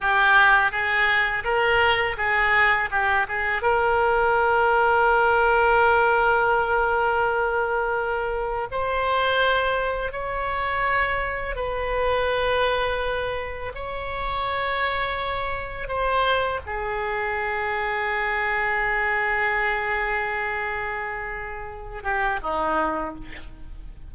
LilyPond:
\new Staff \with { instrumentName = "oboe" } { \time 4/4 \tempo 4 = 83 g'4 gis'4 ais'4 gis'4 | g'8 gis'8 ais'2.~ | ais'1 | c''2 cis''2 |
b'2. cis''4~ | cis''2 c''4 gis'4~ | gis'1~ | gis'2~ gis'8 g'8 dis'4 | }